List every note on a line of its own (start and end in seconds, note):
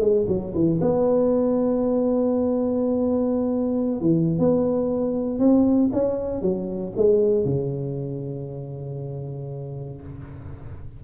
0.00 0.26 G#3
0.28 0.53 F#3
0.54 0.80 E3
0.81 4.01 B3
4.01 4.39 E3
4.39 5.39 B3
5.39 5.90 C4
5.93 6.41 C#4
6.41 6.93 F#3
6.96 7.45 G#3
7.45 10.01 C#3